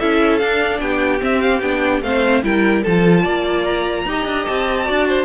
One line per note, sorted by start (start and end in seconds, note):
0.00 0.42 C#4
0.00 0.41 E4
0.00 0.81 A4
0.00 0.39 E5
0.39 1.20 D4
0.39 0.81 D4
0.39 0.79 F5
0.81 1.22 B3
0.81 2.04 G4
0.81 1.22 G5
1.20 1.61 C4
1.20 1.62 C4
1.20 1.41 E5
1.41 1.62 F5
1.62 2.02 B3
1.62 2.03 D4
1.62 2.03 G5
2.02 2.43 A3
2.02 2.43 C4
2.02 2.44 C5
2.02 2.44 F5
2.43 2.84 G3
2.43 2.84 E4
2.43 2.83 A#4
2.43 2.84 G5
2.83 3.25 F3
2.83 4.08 F4
2.83 3.23 A4
2.83 3.65 A5
3.23 4.06 A#3
3.23 4.04 D5
3.65 4.46 A#5
4.06 4.26 D#4
4.06 4.85 G4
4.06 4.87 D#5
4.26 4.46 D4
4.46 4.90 C4
4.46 5.26 A5
4.85 5.26 D4
4.85 5.25 F#4
4.85 5.08 D5
5.08 5.26 C5